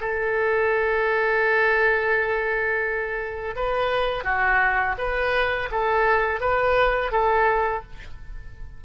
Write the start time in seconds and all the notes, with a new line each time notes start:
0.00 A4
3.55 B4
4.24 F#4
4.97 B4
5.71 A4
6.40 B4
7.11 A4